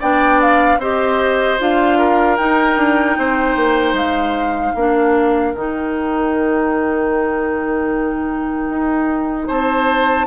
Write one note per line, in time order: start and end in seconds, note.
0.00 0.78 B3
0.00 0.80 D4
0.00 0.79 D5
0.00 0.41 G5
0.41 0.81 F5
0.78 1.57 C4
0.78 1.59 G4
0.78 1.99 C5
0.78 1.61 D#5
1.59 2.39 D4
1.59 2.38 F4
1.59 2.37 F5
1.99 3.17 A#4
2.37 2.77 D#4
2.37 4.76 D#4
2.37 3.95 G5
2.77 3.17 D4
3.18 3.56 C4
3.18 4.74 C5
3.56 3.94 A#3
3.94 4.73 G#3
3.94 5.54 F5
4.74 5.54 A#3
4.74 5.55 D4
4.74 9.48 A#4
5.54 8.70 D#3
5.54 10.27 D#4
5.54 9.49 G5
8.70 9.49 D#4
9.48 10.27 C4
9.48 10.26 C5
9.48 10.27 A5